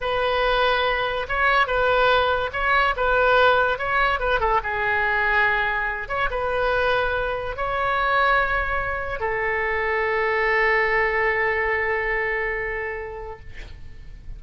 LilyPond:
\new Staff \with { instrumentName = "oboe" } { \time 4/4 \tempo 4 = 143 b'2. cis''4 | b'2 cis''4 b'4~ | b'4 cis''4 b'8 a'8 gis'4~ | gis'2~ gis'8 cis''8 b'4~ |
b'2 cis''2~ | cis''2 a'2~ | a'1~ | a'1 | }